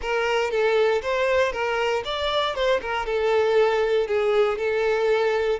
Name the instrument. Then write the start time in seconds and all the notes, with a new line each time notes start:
violin
0.01 A#4
0.50 A4
1.02 C5
1.52 A#4
2.04 D5
2.55 C5
2.81 A#4
3.06 A4
4.07 G#4
4.58 A4